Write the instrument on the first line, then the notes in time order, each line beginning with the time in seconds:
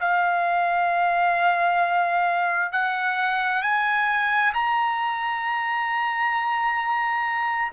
trumpet
0.00 F5
2.72 F#5
3.62 G#5
4.54 A#5